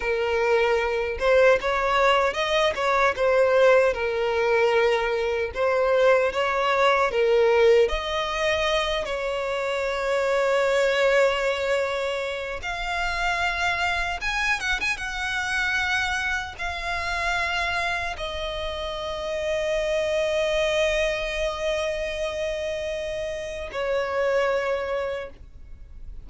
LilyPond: \new Staff \with { instrumentName = "violin" } { \time 4/4 \tempo 4 = 76 ais'4. c''8 cis''4 dis''8 cis''8 | c''4 ais'2 c''4 | cis''4 ais'4 dis''4. cis''8~ | cis''1 |
f''2 gis''8 fis''16 gis''16 fis''4~ | fis''4 f''2 dis''4~ | dis''1~ | dis''2 cis''2 | }